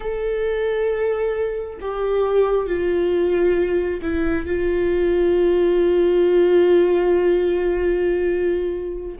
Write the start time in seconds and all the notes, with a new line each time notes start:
0.00 A4
1.80 G4
2.66 F4
4.01 E4
4.46 F4